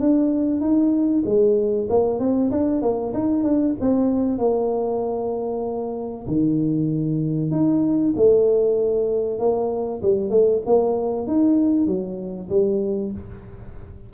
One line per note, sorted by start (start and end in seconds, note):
0.00 0.61 D4
0.61 1.23 D#4
1.26 1.88 G#3
1.90 2.20 A#3
2.20 2.51 C4
2.51 2.82 D4
2.82 3.13 A#3
3.14 3.43 D#4
3.43 3.75 D4
3.81 4.39 C4
4.39 6.26 A#3
6.27 7.51 D#3
7.51 8.14 D#4
8.16 9.39 A3
9.39 10.02 A#3
10.03 10.30 G3
10.30 10.62 A3
10.66 11.27 A#3
11.27 11.87 D#4
11.87 12.49 F#3
12.49 13.12 G3